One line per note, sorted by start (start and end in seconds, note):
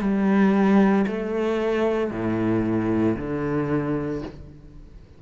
0.00 1.05 G3
1.07 2.11 A3
2.11 3.16 A2
3.17 4.22 D3